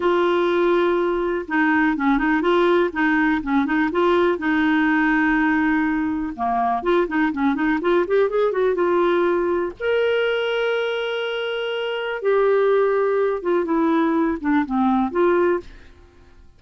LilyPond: \new Staff \with { instrumentName = "clarinet" } { \time 4/4 \tempo 4 = 123 f'2. dis'4 | cis'8 dis'8 f'4 dis'4 cis'8 dis'8 | f'4 dis'2.~ | dis'4 ais4 f'8 dis'8 cis'8 dis'8 |
f'8 g'8 gis'8 fis'8 f'2 | ais'1~ | ais'4 g'2~ g'8 f'8 | e'4. d'8 c'4 f'4 | }